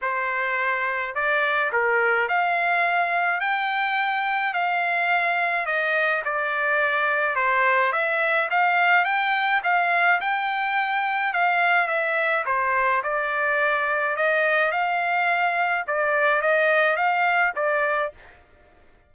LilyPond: \new Staff \with { instrumentName = "trumpet" } { \time 4/4 \tempo 4 = 106 c''2 d''4 ais'4 | f''2 g''2 | f''2 dis''4 d''4~ | d''4 c''4 e''4 f''4 |
g''4 f''4 g''2 | f''4 e''4 c''4 d''4~ | d''4 dis''4 f''2 | d''4 dis''4 f''4 d''4 | }